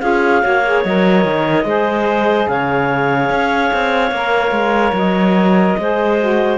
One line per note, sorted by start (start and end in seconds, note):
0.00 0.43 C#4
0.00 0.42 F4
0.00 0.42 G#4
0.00 0.82 F5
0.42 0.85 A#3
0.42 0.62 F#4
0.42 1.66 C#5
0.66 0.86 G#4
0.83 1.25 F#3
0.83 1.65 A#4
0.83 2.48 D#5
1.25 1.65 D#3
1.65 2.47 G#3
1.65 4.11 G#4
1.65 2.49 C5
2.48 3.30 C#3
2.48 5.79 C#5
2.48 4.94 F5
3.30 3.71 C#4
3.73 4.11 C4
4.11 4.51 A#3
4.11 5.79 A#4
4.51 4.92 G#3
4.93 5.75 F#3
4.93 6.58 D#5
5.79 6.58 G#3
5.79 6.20 G#4
5.79 6.58 C5
6.20 6.58 F#4